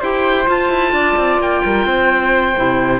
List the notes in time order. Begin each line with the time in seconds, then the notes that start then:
0.00 E4 G4 C5 G5
0.46 F4 A5
0.70 E4
0.92 D4 D5
1.16 C4
1.39 A#3 G5
1.65 G3 A#4
1.85 C4 C5
2.56 C3 E4